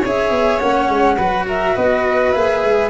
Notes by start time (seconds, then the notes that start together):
0.00 G#4 C#5
0.06 C#4 E5
0.31 B3
0.59 A#3 C#4 F#5
0.89 G#3
1.18 F#3 F#4 B4
1.47 A#4 E5
1.76 B3 B4 D#5
2.33 A#3 G#4 E5
2.65 G#3